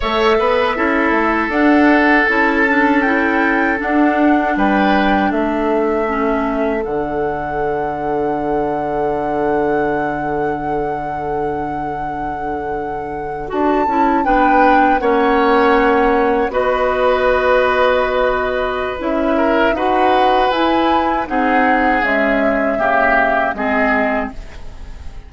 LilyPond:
<<
  \new Staff \with { instrumentName = "flute" } { \time 4/4 \tempo 4 = 79 e''2 fis''4 a''4 | g''4 fis''4 g''4 e''4~ | e''4 fis''2.~ | fis''1~ |
fis''4.~ fis''16 a''4 g''4 fis''16~ | fis''4.~ fis''16 dis''2~ dis''16~ | dis''4 e''4 fis''4 gis''4 | fis''4 e''2 dis''4 | }
  \new Staff \with { instrumentName = "oboe" } { \time 4/4 cis''8 b'8 a'2.~ | a'2 b'4 a'4~ | a'1~ | a'1~ |
a'2~ a'8. b'4 cis''16~ | cis''4.~ cis''16 b'2~ b'16~ | b'4. ais'8 b'2 | gis'2 g'4 gis'4 | }
  \new Staff \with { instrumentName = "clarinet" } { \time 4/4 a'4 e'4 d'4 e'8 d'8 | e'4 d'2. | cis'4 d'2.~ | d'1~ |
d'4.~ d'16 fis'8 e'8 d'4 cis'16~ | cis'4.~ cis'16 fis'2~ fis'16~ | fis'4 e'4 fis'4 e'4 | dis'4 gis4 ais4 c'4 | }
  \new Staff \with { instrumentName = "bassoon" } { \time 4/4 a8 b8 cis'8 a8 d'4 cis'4~ | cis'4 d'4 g4 a4~ | a4 d2.~ | d1~ |
d4.~ d16 d'8 cis'8 b4 ais16~ | ais4.~ ais16 b2~ b16~ | b4 cis'4 dis'4 e'4 | c'4 cis'4 cis4 gis4 | }
>>